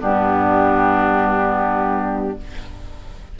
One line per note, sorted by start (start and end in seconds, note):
0.00 2.39 G2
0.00 2.37 B3
0.00 2.37 D4
0.00 2.39 G4